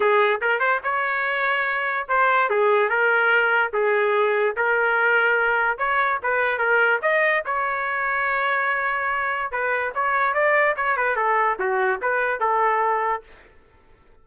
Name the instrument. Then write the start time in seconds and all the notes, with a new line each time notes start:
trumpet
0.00 G#4
0.41 A#4
0.59 C5
0.83 C#5
2.08 C5
2.49 G#4
2.89 A#4
3.73 G#4
4.56 A#4
5.77 C#5
6.22 B4
6.58 A#4
7.02 D#5
7.45 C#5
9.51 B4
9.95 C#5
10.34 D5
10.76 C#5
10.96 B4
11.16 A4
11.59 F#4
12.01 B4
12.39 A4